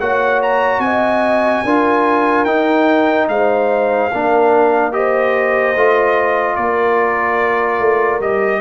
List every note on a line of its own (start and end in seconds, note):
0.00 0.79 A#3
0.00 1.66 F#4
0.00 0.83 C#5
0.00 0.41 F#5
0.42 0.80 A#5
0.79 1.62 C4
0.79 1.65 D#5
0.79 2.45 G#5
1.65 2.46 D4
1.65 2.47 F4
1.65 3.29 A#4
2.45 3.28 D#4
2.45 4.11 D#4
2.45 3.27 G5
3.29 4.11 G#3
3.29 4.11 C5
3.29 4.93 F5
4.11 5.76 A#3
4.11 4.92 D4
4.11 4.93 A#4
4.92 5.75 G4
4.92 6.58 C5
4.92 6.56 D#5
5.76 6.57 A3
5.76 8.22 F4
6.56 7.80 A#3
6.56 8.61 A#4
6.56 8.21 D5
7.80 8.20 A3
8.20 8.61 G3
8.20 8.61 G4
8.20 8.61 D#5